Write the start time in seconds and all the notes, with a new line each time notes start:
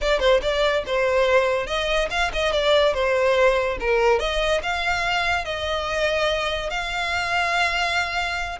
0.01 D5
0.19 C5
0.42 D5
0.86 C5
1.66 D#5
2.10 F5
2.33 D#5
2.52 D5
2.94 C5
3.80 A#4
4.19 D#5
4.62 F5
5.45 D#5
6.70 F5